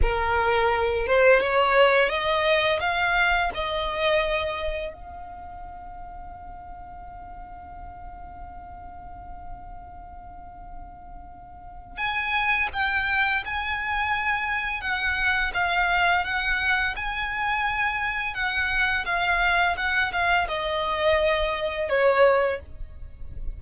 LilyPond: \new Staff \with { instrumentName = "violin" } { \time 4/4 \tempo 4 = 85 ais'4. c''8 cis''4 dis''4 | f''4 dis''2 f''4~ | f''1~ | f''1~ |
f''4 gis''4 g''4 gis''4~ | gis''4 fis''4 f''4 fis''4 | gis''2 fis''4 f''4 | fis''8 f''8 dis''2 cis''4 | }